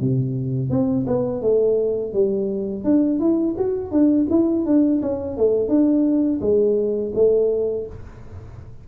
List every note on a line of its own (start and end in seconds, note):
0.00 0.70 C3
0.70 1.06 C4
1.06 1.42 B3
1.42 2.13 A3
2.13 2.84 G3
2.84 3.19 D4
3.19 3.55 E4
3.57 3.91 F#4
3.91 4.27 D4
4.30 4.66 E4
4.66 5.01 D4
5.02 5.37 C#4
5.37 5.68 A3
5.68 6.40 D4
6.41 7.12 G#3
7.15 7.86 A3